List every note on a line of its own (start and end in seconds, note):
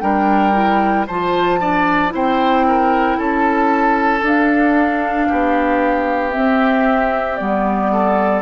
0.00 1.07 G3
0.00 0.53 D4
0.00 1.07 A#4
0.00 1.05 G5
0.53 1.05 E4
1.07 2.14 F3
1.07 1.60 F4
1.07 1.59 C5
1.07 2.12 A5
1.60 2.09 D4
1.60 2.13 D5
2.09 3.18 C4
2.09 4.20 E4
2.09 2.66 C5
2.16 3.19 G5
2.67 3.17 A#4
3.17 4.22 C#4
3.17 5.28 A4
3.17 4.24 A5
4.22 5.27 D4
4.22 6.31 D4
4.22 6.31 F5
5.28 6.35 B3
5.28 7.91 G4
6.31 7.36 C4
6.31 7.40 C4
6.31 7.36 E5
7.36 8.42 G3
7.36 8.42 B3
7.36 8.41 D5
7.92 8.42 A4